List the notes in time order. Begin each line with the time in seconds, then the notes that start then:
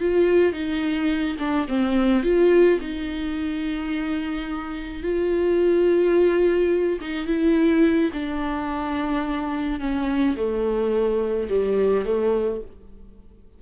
0.00 F4
0.53 D#4
1.39 D4
1.68 C4
2.23 F4
2.80 D#4
5.03 F4
7.00 D#4
7.26 E4
8.13 D4
9.80 C#4
10.36 A3
11.49 G3
12.05 A3